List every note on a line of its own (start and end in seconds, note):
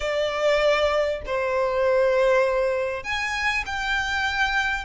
0.00 1.21 D5
1.26 3.03 C5
3.03 3.64 G#5
3.66 4.85 G5